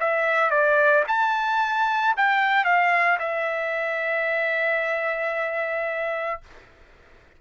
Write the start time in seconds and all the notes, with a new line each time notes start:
0.00 E5
0.50 D5
1.08 A5
2.17 G5
2.64 F5
3.19 E5